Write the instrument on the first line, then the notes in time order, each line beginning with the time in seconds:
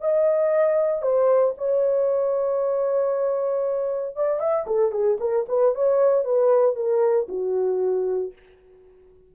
horn
0.00 D#5
1.02 C5
1.57 C#5
4.16 D5
4.39 E5
4.66 A4
4.91 G#4
5.20 A#4
5.48 B4
5.74 C#5
6.24 B4
6.75 A#4
7.28 F#4